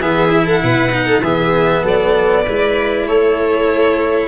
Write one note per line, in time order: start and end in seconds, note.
0.00 0.62 E3
0.00 0.28 B3
0.00 0.46 G#4
0.00 0.46 E5
0.28 0.90 E4
0.46 0.61 A4
0.46 1.23 F#5
0.62 1.20 B2
0.62 1.06 B4
0.91 1.22 D#4
1.06 1.21 A4
1.20 1.81 E3
1.20 2.47 B3
1.20 1.82 G#4
1.20 1.84 E5
1.82 2.44 F#3
1.82 2.43 A4
1.82 3.07 D5
2.43 3.07 G#3
2.43 4.28 E4
2.43 3.05 B4
3.07 4.28 A3
3.07 4.28 A4
3.07 4.28 C#5